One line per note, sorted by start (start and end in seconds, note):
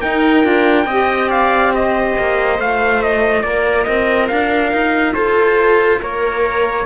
0.00 0.41 D#4
0.00 0.44 D#4
0.00 0.86 A#4
0.00 1.29 G5
0.41 0.85 D4
0.41 0.84 F4
0.85 2.13 C4
0.85 2.58 G4
0.85 1.29 D#5
1.29 1.71 D5
1.29 1.73 F5
1.72 3.44 C5
1.72 2.60 D#5
2.18 2.59 A#3
2.58 3.43 A3
2.58 6.85 F4
2.58 3.02 F5
3.02 3.42 D#5
3.42 3.86 A#3
3.42 5.14 A#4
3.42 3.84 D5
3.84 4.30 C4
3.84 4.27 D#5
4.27 4.72 D4
4.27 5.13 F5
4.72 5.15 D#4
5.13 6.01 F4
5.13 6.00 A4
5.13 5.99 C5
6.01 6.85 A#3
6.01 6.85 A#4
6.01 6.85 C#5